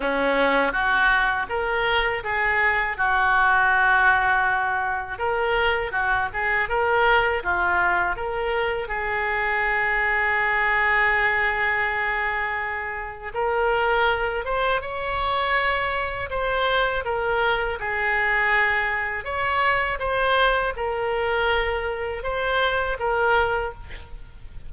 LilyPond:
\new Staff \with { instrumentName = "oboe" } { \time 4/4 \tempo 4 = 81 cis'4 fis'4 ais'4 gis'4 | fis'2. ais'4 | fis'8 gis'8 ais'4 f'4 ais'4 | gis'1~ |
gis'2 ais'4. c''8 | cis''2 c''4 ais'4 | gis'2 cis''4 c''4 | ais'2 c''4 ais'4 | }